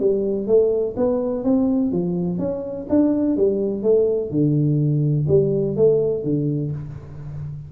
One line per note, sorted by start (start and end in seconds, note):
0.00 0.47 G3
0.47 0.95 A3
0.97 1.44 B3
1.44 1.92 C4
1.92 2.39 F3
2.39 2.87 C#4
2.90 3.37 D4
3.37 3.83 G3
3.83 4.31 A3
4.31 5.27 D3
5.28 5.76 G3
5.76 6.24 A3
6.24 6.72 D3